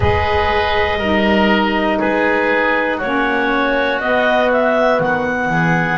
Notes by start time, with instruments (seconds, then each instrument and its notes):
0.00 double bass G#3, saxophone G#4, oboe B4, clarinet D#5
0.98 double bass G3, saxophone D#4, oboe A#4
1.99 double bass G#3, oboe G#4, clarinet B4
2.97 double bass A#3, saxophone C#4, oboe F#4, clarinet C#5
3.99 double bass B3, saxophone B3, clarinet D#5
4.52 clarinet E5
4.99 double bass D#3, clarinet F#5
5.49 double bass E3, oboe G#4